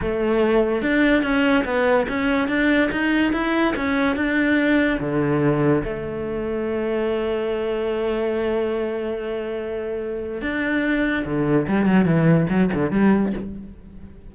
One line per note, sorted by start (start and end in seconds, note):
0.01 0.82 A3
0.82 1.22 D4
1.22 1.64 C#4
1.65 2.06 B3
2.08 2.48 C#4
2.48 2.90 D4
2.91 3.32 D#4
3.32 3.74 E4
3.75 4.16 C#4
4.16 4.99 D4
4.99 5.83 D3
5.83 10.41 A3
10.41 11.25 D4
11.25 11.67 D3
11.68 11.86 G3
11.86 12.05 F#3
12.05 12.47 E3
12.49 12.70 F#3
12.73 12.91 D3
12.91 13.32 G3